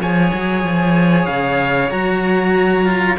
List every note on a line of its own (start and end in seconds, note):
0.00 0.32 F3
0.00 1.91 G#4
0.00 3.18 C#5
0.00 1.26 G#5
0.34 0.64 F#3
0.64 1.27 F3
1.26 1.91 C#3
1.26 1.90 F5
1.90 3.18 F#3
1.90 2.85 F#4
1.90 3.18 A#5
2.85 3.17 F4